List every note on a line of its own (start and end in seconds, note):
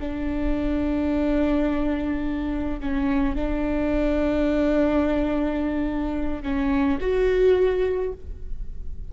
0.00 2.80 D4
2.80 3.35 C#4
3.35 6.42 D4
6.42 6.98 C#4
7.00 8.12 F#4